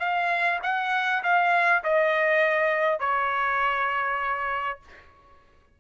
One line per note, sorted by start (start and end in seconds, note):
0.00 0.60 F5
0.63 1.23 F#5
1.24 1.84 F5
1.84 3.00 D#5
3.00 4.80 C#5